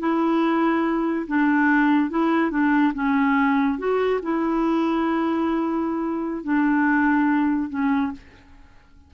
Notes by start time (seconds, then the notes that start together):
0.00 E4
1.28 D4
2.10 E4
2.51 D4
2.94 C#4
3.79 F#4
4.23 E4
6.44 D4
7.70 C#4